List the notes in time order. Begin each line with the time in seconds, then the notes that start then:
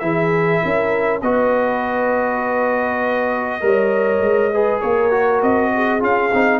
0.00 E3 E4 G#4 E5
0.62 C#4 A#4
1.22 B3 F#4 B4 D#5
3.61 G3 A#4 C#5
4.20 G#3
4.54 G#4 B4
4.81 A#3 A#4 C#5
5.11 F#4
5.43 C4 D#5
5.75 G#4
6.00 C#4 F4 F5
6.34 C4 D#4